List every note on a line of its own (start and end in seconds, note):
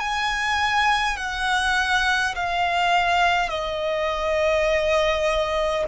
0.00 1.18 G#5
1.18 2.35 F#5
2.36 3.50 F5
3.50 5.85 D#5